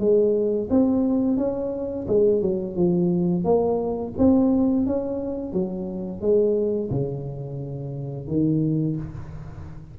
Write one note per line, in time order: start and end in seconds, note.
0.00 0.69 G#3
0.70 1.38 C4
1.38 2.07 C#4
2.08 2.42 G#3
2.42 2.76 F#3
2.77 3.45 F3
3.45 4.14 A#3
4.18 4.87 C4
4.87 5.53 C#4
5.53 6.22 F#3
6.22 6.91 G#3
6.91 8.28 C#3
8.28 8.97 D#3